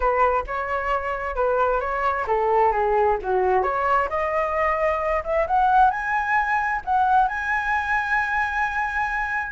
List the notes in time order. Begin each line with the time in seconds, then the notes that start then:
0.00 B4
0.46 C#5
1.35 B4
1.80 C#5
2.27 A4
2.71 G#4
3.22 F#4
3.63 C#5
4.09 D#5
5.24 E5
5.47 F#5
5.90 G#5
6.85 F#5
7.28 G#5